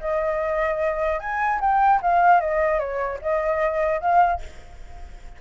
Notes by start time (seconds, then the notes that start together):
0.00 D#5
1.20 G#5
1.61 G5
2.02 F5
2.41 D#5
2.79 C#5
3.22 D#5
4.01 F5